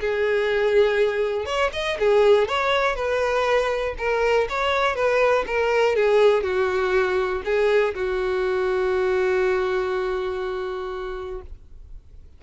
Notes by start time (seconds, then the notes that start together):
0.00 G#4
1.45 C#5
1.73 D#5
1.99 G#4
2.48 C#5
2.95 B4
3.98 A#4
4.49 C#5
4.95 B4
5.47 A#4
5.95 G#4
6.43 F#4
7.44 G#4
7.95 F#4